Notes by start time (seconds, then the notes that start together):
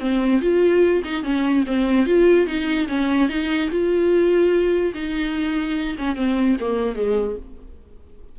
0.00 C4
0.42 F4
1.04 D#4
1.24 C#4
1.67 C4
2.06 F4
2.47 D#4
2.88 C#4
3.29 D#4
3.71 F4
4.94 D#4
5.98 C#4
6.16 C4
6.60 A#3
6.96 G#3